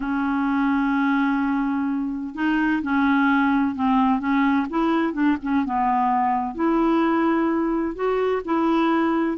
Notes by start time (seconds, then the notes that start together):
0.00 C#4
2.35 D#4
2.82 C#4
3.75 C4
4.19 C#4
4.69 E4
5.13 D4
5.42 C#4
5.65 B3
6.55 E4
7.95 F#4
8.44 E4